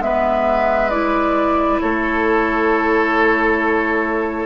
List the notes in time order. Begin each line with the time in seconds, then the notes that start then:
0.00 G#3 B3 B4 E5
0.90 E4 D5
1.81 A3 A4 C#5